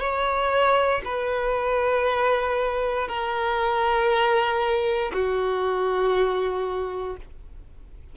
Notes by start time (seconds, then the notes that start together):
0.00 C#5
1.04 B4
3.08 A#4
5.13 F#4